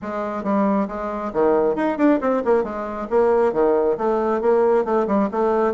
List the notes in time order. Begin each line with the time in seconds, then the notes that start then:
0.02 G#3
0.43 G3
0.87 G#3
1.33 D#3
1.75 D#4
1.97 D4
2.20 C4
2.44 A#3
2.63 G#3
3.10 A#3
3.53 D#3
3.97 A3
4.41 A#3
4.84 A3
5.07 G3
5.31 A3